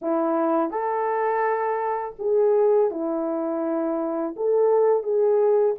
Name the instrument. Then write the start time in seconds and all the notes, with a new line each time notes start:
horn
0.01 E4
0.70 A4
2.18 G#4
2.90 E4
4.36 A4
5.03 G#4